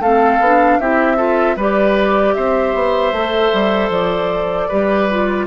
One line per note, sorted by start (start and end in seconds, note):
0.00 0.39 A3
0.00 0.43 C4
0.00 0.79 A4
0.00 0.80 F5
0.40 0.79 B3
0.40 0.81 D4
0.80 1.57 C4
0.80 1.18 E4
0.80 1.17 G4
0.80 1.58 E5
1.17 1.56 F4
1.17 1.56 A4
1.57 2.35 G3
1.57 3.15 G4
1.57 2.35 B4
1.57 2.35 D5
2.35 2.75 C4
2.35 4.69 C5
2.35 3.90 E5
2.75 3.13 B3
3.13 3.52 A3
3.13 4.71 A4
3.53 3.90 G3
3.90 4.68 F3
3.90 5.48 D5
4.69 5.48 G3
4.69 5.10 G4
4.69 5.46 B4
5.11 5.48 F4